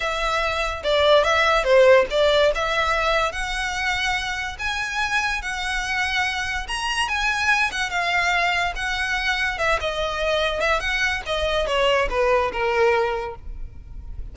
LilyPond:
\new Staff \with { instrumentName = "violin" } { \time 4/4 \tempo 4 = 144 e''2 d''4 e''4 | c''4 d''4 e''2 | fis''2. gis''4~ | gis''4 fis''2. |
ais''4 gis''4. fis''8 f''4~ | f''4 fis''2 e''8 dis''8~ | dis''4. e''8 fis''4 dis''4 | cis''4 b'4 ais'2 | }